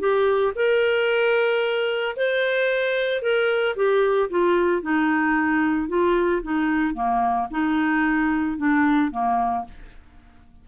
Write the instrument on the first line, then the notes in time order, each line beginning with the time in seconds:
clarinet
0.00 G4
0.56 A#4
2.17 C5
3.22 A#4
3.76 G4
4.31 F4
4.82 D#4
5.89 F4
6.43 D#4
6.94 A#3
7.51 D#4
8.58 D4
9.12 A#3